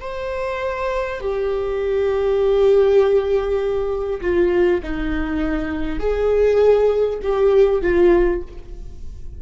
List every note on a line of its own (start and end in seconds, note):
0.00 1.20 C5
1.20 4.20 G4
4.21 4.81 F4
4.82 5.99 D#4
5.99 7.19 G#4
7.22 7.82 G4
7.82 8.42 F4